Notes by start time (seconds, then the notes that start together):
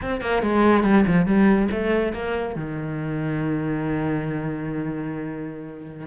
0.01 C4
0.21 A#3
0.42 G#3
0.83 G3
1.06 F3
1.26 G3
1.71 A3
2.13 A#3
2.55 D#3